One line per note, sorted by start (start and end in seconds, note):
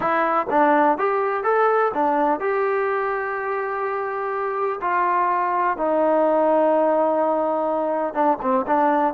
0.00 0.46 E4
0.50 0.98 D4
0.98 1.43 G4
1.43 1.91 A4
1.94 2.40 D4
2.40 4.80 G4
4.81 5.77 F4
5.77 8.13 D#4
8.13 8.37 D4
8.41 8.65 C4
8.66 9.14 D4